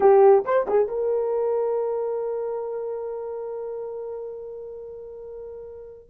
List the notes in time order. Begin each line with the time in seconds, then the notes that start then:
0.00 G4
0.44 C5
0.67 G#4
0.88 A#4